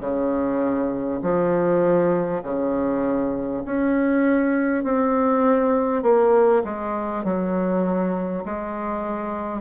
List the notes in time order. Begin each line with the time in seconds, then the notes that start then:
0.00 C#3
1.22 F3
2.43 C#3
3.65 C#4
4.83 C4
6.03 A#3
6.64 G#3
7.24 F#3
8.45 G#3